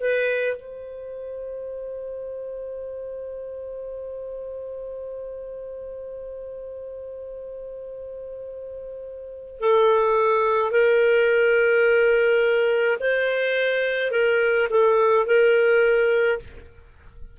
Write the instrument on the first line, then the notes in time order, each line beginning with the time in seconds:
clarinet
0.00 B4
0.56 C5
9.60 A4
10.71 A#4
13.00 C5
14.11 A#4
14.70 A4
15.26 A#4